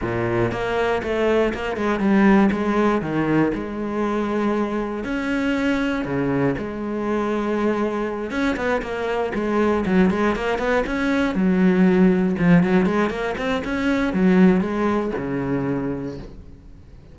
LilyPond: \new Staff \with { instrumentName = "cello" } { \time 4/4 \tempo 4 = 119 ais,4 ais4 a4 ais8 gis8 | g4 gis4 dis4 gis4~ | gis2 cis'2 | cis4 gis2.~ |
gis8 cis'8 b8 ais4 gis4 fis8 | gis8 ais8 b8 cis'4 fis4.~ | fis8 f8 fis8 gis8 ais8 c'8 cis'4 | fis4 gis4 cis2 | }